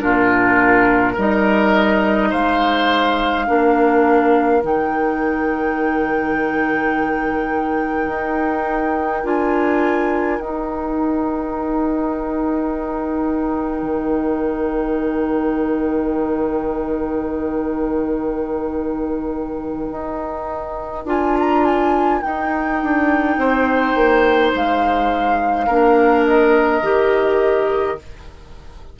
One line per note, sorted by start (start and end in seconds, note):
0.00 1.18 A#2
0.00 1.15 D4
0.00 1.13 F4
0.00 1.16 A#4
1.13 2.33 G3
1.13 3.47 D#4
1.13 2.28 A#4
1.19 2.33 D#5
2.31 3.49 G#3
2.31 3.46 C5
2.31 4.63 F5
3.47 4.63 A#3
3.47 4.62 D4
3.47 23.38 A#4
4.62 8.08 D#3
4.62 9.24 D#4
4.62 9.26 G5
8.08 9.24 D#4
9.24 10.39 D4
9.24 10.39 F4
9.24 10.40 G#5
10.39 13.82 D#4
10.39 21.07 D#4
10.39 21.08 G5
13.82 19.88 D#3
19.92 21.05 D#4
21.05 22.20 D4
21.05 22.22 F4
21.05 21.38 G#5
21.40 21.65 A#5
21.65 22.22 G#5
22.22 25.69 D#4
22.22 22.83 D#4
22.22 24.53 G5
22.83 23.37 D4
23.37 23.95 C4
23.37 25.67 C5
23.95 24.53 A#3
24.54 25.68 G#3
24.54 26.26 F5
25.67 26.83 A#3
25.67 26.83 D4
25.67 27.98 A#4
26.26 28.00 D#5
26.83 27.98 D#3
26.83 27.98 G4